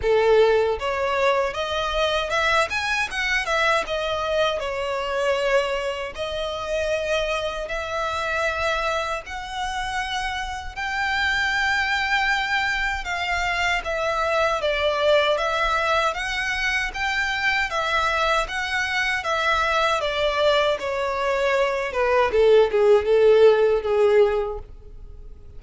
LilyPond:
\new Staff \with { instrumentName = "violin" } { \time 4/4 \tempo 4 = 78 a'4 cis''4 dis''4 e''8 gis''8 | fis''8 e''8 dis''4 cis''2 | dis''2 e''2 | fis''2 g''2~ |
g''4 f''4 e''4 d''4 | e''4 fis''4 g''4 e''4 | fis''4 e''4 d''4 cis''4~ | cis''8 b'8 a'8 gis'8 a'4 gis'4 | }